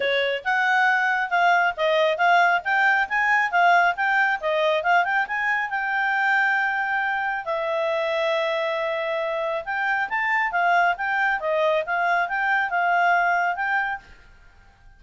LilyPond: \new Staff \with { instrumentName = "clarinet" } { \time 4/4 \tempo 4 = 137 cis''4 fis''2 f''4 | dis''4 f''4 g''4 gis''4 | f''4 g''4 dis''4 f''8 g''8 | gis''4 g''2.~ |
g''4 e''2.~ | e''2 g''4 a''4 | f''4 g''4 dis''4 f''4 | g''4 f''2 g''4 | }